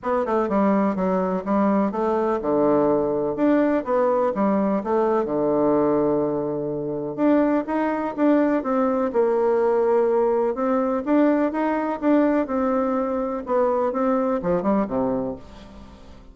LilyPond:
\new Staff \with { instrumentName = "bassoon" } { \time 4/4 \tempo 4 = 125 b8 a8 g4 fis4 g4 | a4 d2 d'4 | b4 g4 a4 d4~ | d2. d'4 |
dis'4 d'4 c'4 ais4~ | ais2 c'4 d'4 | dis'4 d'4 c'2 | b4 c'4 f8 g8 c4 | }